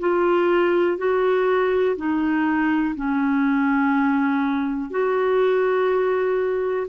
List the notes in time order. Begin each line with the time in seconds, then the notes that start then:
0.00 F4
0.98 F#4
1.97 D#4
2.96 C#4
4.91 F#4